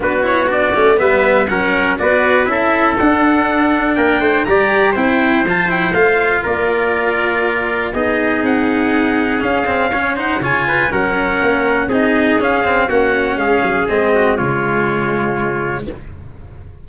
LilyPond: <<
  \new Staff \with { instrumentName = "trumpet" } { \time 4/4 \tempo 4 = 121 b'8 cis''8 d''4 e''4 fis''4 | d''4 e''4 fis''2 | g''4 ais''4 g''4 a''8 g''8 | f''4 d''2. |
dis''4 fis''2 f''4~ | f''8 fis''8 gis''4 fis''2 | dis''4 f''4 fis''4 f''4 | dis''4 cis''2. | }
  \new Staff \with { instrumentName = "trumpet" } { \time 4/4 fis'2 b'4 ais'4 | b'4 a'2. | ais'8 c''8 d''4 c''2~ | c''4 ais'2. |
gis'1 | cis''8 c''8 cis''8 b'8 ais'2 | gis'2 fis'4 gis'4~ | gis'8 fis'8 f'2. | }
  \new Staff \with { instrumentName = "cello" } { \time 4/4 d'8 e'8 d'8 cis'8 b4 cis'4 | fis'4 e'4 d'2~ | d'4 g'4 e'4 f'8 e'8 | f'1 |
dis'2. cis'8 c'8 | cis'8 dis'8 f'4 cis'2 | dis'4 cis'8 c'8 cis'2 | c'4 gis2. | }
  \new Staff \with { instrumentName = "tuba" } { \time 4/4 b4. a8 g4 fis4 | b4 cis'4 d'2 | ais8 a8 g4 c'4 f4 | a4 ais2. |
b4 c'2 cis'4~ | cis'4 cis4 fis4 ais4 | c'4 cis'4 ais4 gis8 fis8 | gis4 cis2. | }
>>